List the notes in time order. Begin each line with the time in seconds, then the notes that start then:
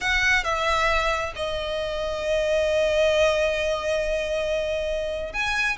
0.00 F#5
0.44 E5
1.35 D#5
5.33 G#5